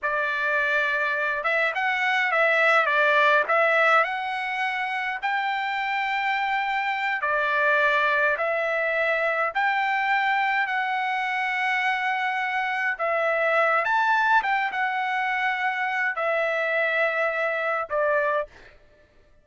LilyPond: \new Staff \with { instrumentName = "trumpet" } { \time 4/4 \tempo 4 = 104 d''2~ d''8 e''8 fis''4 | e''4 d''4 e''4 fis''4~ | fis''4 g''2.~ | g''8 d''2 e''4.~ |
e''8 g''2 fis''4.~ | fis''2~ fis''8 e''4. | a''4 g''8 fis''2~ fis''8 | e''2. d''4 | }